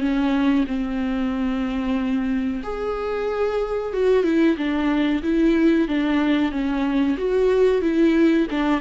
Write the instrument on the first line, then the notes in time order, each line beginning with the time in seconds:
viola
0.00 C#4
0.67 C4
2.63 G#4
3.93 F#4
4.24 E4
4.57 D4
5.23 E4
5.88 D4
6.52 C#4
7.18 F#4
7.82 E4
8.51 D4